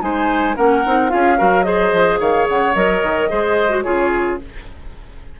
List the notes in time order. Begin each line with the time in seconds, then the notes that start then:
0.00 G#3 D#4 C5 G#5
0.55 A#3 C#4 A#4 F#5
0.85 C4 D#4
1.09 C#4 F4 G#4 F5
1.37 F#3 F#4 A#4
1.63 G#4 C5 D#5
1.92 F3
2.19 D#3 C#5 F5
2.49 C#3 F#5
2.74 F#3 A#4 D#5
3.02 D#3
3.29 G#3 G#4 C5
3.69 F#4
3.81 C#3 F4 G#4 C#5